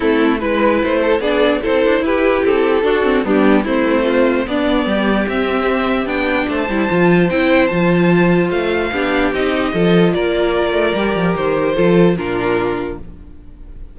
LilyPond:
<<
  \new Staff \with { instrumentName = "violin" } { \time 4/4 \tempo 4 = 148 a'4 b'4 c''4 d''4 | c''4 b'4 a'2 | g'4 c''2 d''4~ | d''4 e''2 g''4 |
a''2 g''4 a''4~ | a''4 f''2 dis''4~ | dis''4 d''2. | c''2 ais'2 | }
  \new Staff \with { instrumentName = "violin" } { \time 4/4 e'4 b'4. a'8 gis'4 | a'4 g'2 fis'4 | d'4 e'4 f'4 d'4 | g'1 |
c''1~ | c''2 g'2 | a'4 ais'2.~ | ais'4 a'4 f'2 | }
  \new Staff \with { instrumentName = "viola" } { \time 4/4 c'4 e'2 d'4 | e'2. d'8 c'8 | b4 c'2 b4~ | b4 c'2 d'4~ |
d'8 e'8 f'4 e'4 f'4~ | f'2 d'4 dis'4 | f'2. g'4~ | g'4 f'4 d'2 | }
  \new Staff \with { instrumentName = "cello" } { \time 4/4 a4 gis4 a4 b4 | c'8 d'8 e'4 c'4 d'4 | g4 a2 b4 | g4 c'2 b4 |
a8 g8 f4 c'4 f4~ | f4 a4 b4 c'4 | f4 ais4. a8 g8 f8 | dis4 f4 ais,2 | }
>>